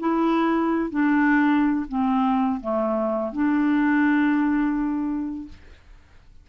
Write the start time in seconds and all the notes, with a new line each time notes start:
0.00 E4
0.91 D4
1.89 C4
2.61 A3
3.33 D4